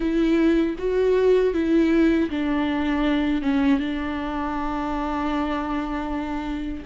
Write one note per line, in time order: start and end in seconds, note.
0.00 0.76 E4
0.78 1.53 F#4
1.53 2.29 E4
2.30 3.42 D4
3.42 3.79 C#4
3.79 6.83 D4